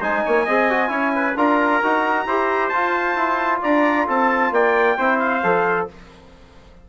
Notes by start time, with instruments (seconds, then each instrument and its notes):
0.00 bassoon G#3, trombone D#4, trumpet C5 G#5
0.25 bassoon A#3, trumpet C#5
0.44 bassoon C4, trombone G#4, trumpet D#5
0.70 trombone F#4
0.88 bassoon C#4, trombone E4, trumpet C#5
1.15 trumpet B4
1.36 bassoon D4, trombone F4, trumpet A#4 A#5
1.83 bassoon D#4, trombone F#4
2.26 bassoon E4, trombone G4, trumpet C5
2.68 trombone F4, bassoon F4, trumpet A5
3.15 bassoon E4
3.62 bassoon D4, trumpet D5 A#5
4.07 bassoon C4, trumpet A4 A5
4.51 bassoon A#3, trumpet D5 G5
4.97 bassoon C4, trombone E4, trumpet C5
5.19 trumpet F5
5.43 bassoon F3, trombone A4